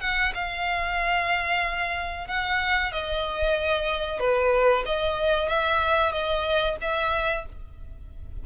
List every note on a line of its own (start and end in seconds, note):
0.00 0.32 F#5
0.34 2.27 F5
2.27 2.91 F#5
2.91 4.19 D#5
4.19 4.84 B4
4.85 5.48 D#5
5.48 6.12 E5
6.12 6.76 D#5
6.81 7.45 E5